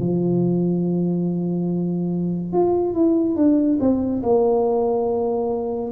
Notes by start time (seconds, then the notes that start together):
0.00 F3
2.53 F4
2.94 E4
3.36 D4
3.80 C4
4.23 A#3